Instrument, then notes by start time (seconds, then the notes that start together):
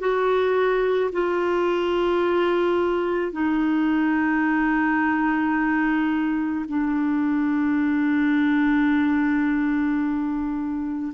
clarinet
0.00 F#4
1.13 F4
3.32 D#4
6.69 D4